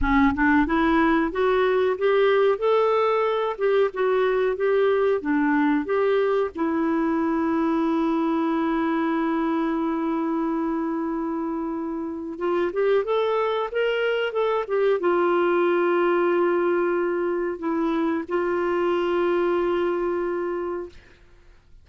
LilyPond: \new Staff \with { instrumentName = "clarinet" } { \time 4/4 \tempo 4 = 92 cis'8 d'8 e'4 fis'4 g'4 | a'4. g'8 fis'4 g'4 | d'4 g'4 e'2~ | e'1~ |
e'2. f'8 g'8 | a'4 ais'4 a'8 g'8 f'4~ | f'2. e'4 | f'1 | }